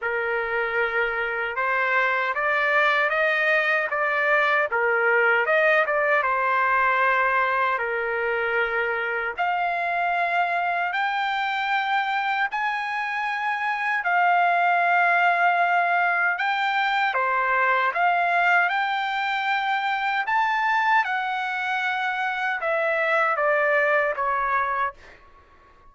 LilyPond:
\new Staff \with { instrumentName = "trumpet" } { \time 4/4 \tempo 4 = 77 ais'2 c''4 d''4 | dis''4 d''4 ais'4 dis''8 d''8 | c''2 ais'2 | f''2 g''2 |
gis''2 f''2~ | f''4 g''4 c''4 f''4 | g''2 a''4 fis''4~ | fis''4 e''4 d''4 cis''4 | }